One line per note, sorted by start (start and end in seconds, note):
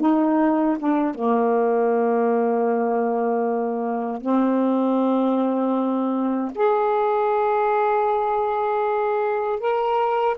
0.00 0.77 D#4
0.79 1.14 D4
1.14 4.21 A#3
4.21 6.52 C4
6.55 9.59 G#4
9.59 10.36 A#4